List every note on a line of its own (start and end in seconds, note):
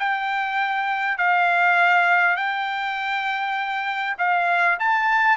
0.00 1.18 G5
1.18 2.37 F5
2.37 4.17 G5
4.19 4.79 F5
4.80 5.38 A5